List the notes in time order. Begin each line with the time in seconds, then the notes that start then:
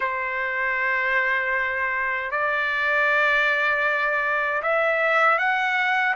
0.00 C5
2.31 D5
4.62 E5
5.38 F#5